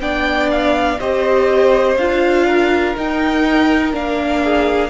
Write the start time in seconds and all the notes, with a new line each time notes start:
0.00 B3 D4 D5 G5
0.51 F5
0.99 C4 G4 C5 D#5
1.97 D4 F4 F5
2.46 A#4
2.96 D#4 G5
3.92 A#3 D4 F5
4.43 G#4